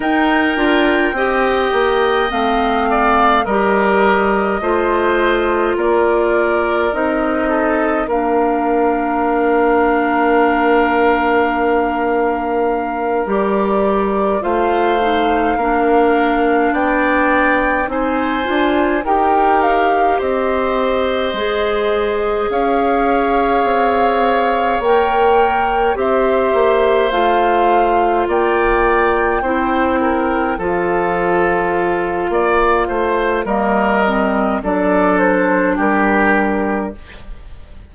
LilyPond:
<<
  \new Staff \with { instrumentName = "flute" } { \time 4/4 \tempo 4 = 52 g''2 f''4 dis''4~ | dis''4 d''4 dis''4 f''4~ | f''2.~ f''8 d''8~ | d''8 f''2 g''4 gis''8~ |
gis''8 g''8 f''8 dis''2 f''8~ | f''4. g''4 e''4 f''8~ | f''8 g''2 f''4.~ | f''4 dis''4 d''8 c''8 ais'4 | }
  \new Staff \with { instrumentName = "oboe" } { \time 4/4 ais'4 dis''4. d''8 ais'4 | c''4 ais'4. a'8 ais'4~ | ais'1~ | ais'8 c''4 ais'4 d''4 c''8~ |
c''8 ais'4 c''2 cis''8~ | cis''2~ cis''8 c''4.~ | c''8 d''4 c''8 ais'8 a'4. | d''8 c''8 ais'4 a'4 g'4 | }
  \new Staff \with { instrumentName = "clarinet" } { \time 4/4 dis'8 f'8 g'4 c'4 g'4 | f'2 dis'4 d'4~ | d'2.~ d'8 g'8~ | g'8 f'8 dis'8 d'2 dis'8 |
f'8 g'2 gis'4.~ | gis'4. ais'4 g'4 f'8~ | f'4. e'4 f'4.~ | f'4 ais8 c'8 d'2 | }
  \new Staff \with { instrumentName = "bassoon" } { \time 4/4 dis'8 d'8 c'8 ais8 a4 g4 | a4 ais4 c'4 ais4~ | ais2.~ ais8 g8~ | g8 a4 ais4 b4 c'8 |
d'8 dis'4 c'4 gis4 cis'8~ | cis'8 c'4 ais4 c'8 ais8 a8~ | a8 ais4 c'4 f4. | ais8 a8 g4 fis4 g4 | }
>>